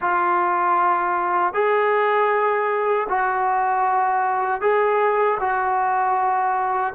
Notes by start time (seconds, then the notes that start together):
0.01 F4
1.53 G#4
3.09 F#4
4.61 G#4
5.40 F#4